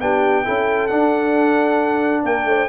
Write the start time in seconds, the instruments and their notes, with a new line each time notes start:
0.00 tuba B3, trombone D4, horn G4, trumpet G5
0.44 tuba C#4, trombone E4, horn A4
0.87 trombone D4, tuba D4, trumpet F#5
2.22 tuba A#3, horn A#4, trumpet G5
2.45 tuba A3, horn C5